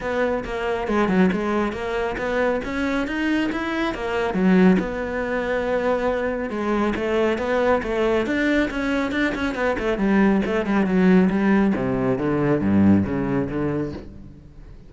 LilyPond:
\new Staff \with { instrumentName = "cello" } { \time 4/4 \tempo 4 = 138 b4 ais4 gis8 fis8 gis4 | ais4 b4 cis'4 dis'4 | e'4 ais4 fis4 b4~ | b2. gis4 |
a4 b4 a4 d'4 | cis'4 d'8 cis'8 b8 a8 g4 | a8 g8 fis4 g4 c4 | d4 g,4 cis4 d4 | }